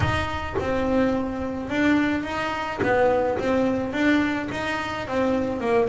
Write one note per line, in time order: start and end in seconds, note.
0.00 0.55 D#4
0.59 1.69 C4
1.69 2.23 D4
2.23 2.79 D#4
2.82 3.38 B3
3.38 3.92 C4
3.92 4.48 D4
4.51 5.07 D#4
5.07 5.60 C4
5.60 5.88 A#3